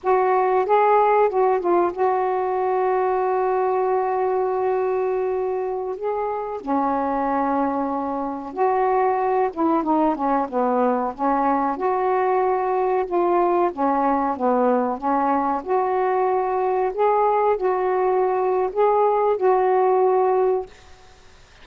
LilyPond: \new Staff \with { instrumentName = "saxophone" } { \time 4/4 \tempo 4 = 93 fis'4 gis'4 fis'8 f'8 fis'4~ | fis'1~ | fis'4~ fis'16 gis'4 cis'4.~ cis'16~ | cis'4~ cis'16 fis'4. e'8 dis'8 cis'16~ |
cis'16 b4 cis'4 fis'4.~ fis'16~ | fis'16 f'4 cis'4 b4 cis'8.~ | cis'16 fis'2 gis'4 fis'8.~ | fis'4 gis'4 fis'2 | }